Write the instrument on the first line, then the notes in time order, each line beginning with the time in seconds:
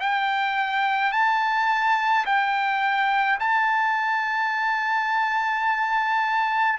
trumpet
0.00 G5
1.12 A5
2.26 G5
3.40 A5